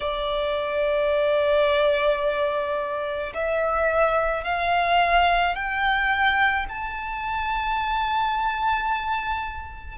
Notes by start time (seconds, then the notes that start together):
0.00 D5
3.33 E5
4.44 F5
5.55 G5
6.69 A5